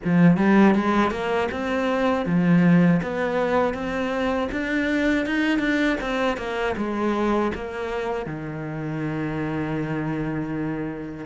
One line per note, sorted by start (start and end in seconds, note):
0.04 0.37 F3
0.37 0.74 G3
0.74 1.10 G#3
1.10 1.48 A#3
1.51 2.25 C4
2.25 3.00 F3
3.02 3.74 B3
3.74 4.49 C4
4.51 5.26 D4
5.26 5.58 D#4
5.58 5.96 D4
6.00 6.37 C4
6.37 6.74 A#3
6.76 7.51 G#3
7.54 8.26 A#3
8.26 11.25 D#3